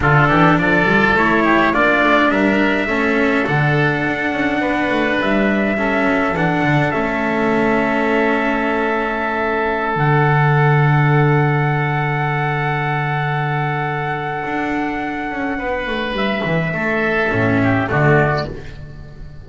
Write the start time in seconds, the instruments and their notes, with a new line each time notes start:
0.00 double bass D3, cello D4, oboe F4, trumpet A4
0.28 double bass E3, oboe G4
0.57 double bass F3, oboe A4, trumpet D5
0.84 double bass G3, cello F4
1.13 double bass A3, cello E4, trumpet C#5
1.44 oboe G4
1.73 double bass A#3, cello D4, oboe F4, trumpet D5
2.02 double bass A3
2.29 double bass G3, oboe A#4, trumpet E5
2.86 double bass A3, cello C#4, oboe A4
3.46 double bass D3, cello D4, trumpet F#5
4.05 double bass D4
4.32 double bass C#4
4.61 double bass B3, oboe B4
4.90 double bass A3
5.21 double bass G3, trumpet E5
5.77 cello C#4, oboe A4
6.03 double bass F#3
6.33 double bass E3, cello D4, trumpet F#5
6.62 double bass D3
6.91 double bass A3, cello C#4, trumpet E5
9.92 double bass D3, cello D4
9.99 trumpet F#5
14.45 double bass D4
15.31 double bass C#4
15.58 double bass B3, oboe B4
15.86 double bass A3
16.12 double bass G3, trumpet E5
16.44 double bass E3
16.73 double bass A3, oboe A4
17.29 double bass A2, cello C#4
17.62 oboe G4
17.87 double bass D3, cello A3, oboe F#4, trumpet D5